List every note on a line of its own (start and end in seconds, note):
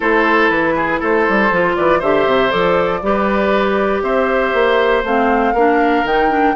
0.00 0.49 A3
0.00 1.51 E4
0.00 0.74 A4
0.00 0.49 C5
0.49 1.00 E3
0.49 1.00 B4
0.75 1.00 G#4
1.00 1.27 A3
1.00 1.75 A4
1.00 1.76 C5
1.29 1.51 G3
1.51 1.76 F3
1.51 2.01 F4
1.76 2.02 E3
1.76 1.99 B4
1.76 2.01 D5
1.99 2.26 D3
1.99 2.49 G4
1.99 3.00 C5
1.99 2.51 E5
2.26 2.51 C3
2.49 3.02 F3
2.49 3.00 A4
2.49 4.02 D5
3.02 4.02 G3
3.02 5.04 G4
3.02 4.03 B4
4.02 4.52 C4
4.02 5.53 C5
4.02 5.03 E5
4.53 5.03 A#3
5.03 5.53 A3
5.03 5.55 C4
5.03 6.06 F5
5.53 6.03 A#3
5.53 6.06 D4
5.53 6.54 A#4
6.04 6.54 D#3
6.04 6.29 D#4
6.04 6.56 G5
6.29 6.54 D4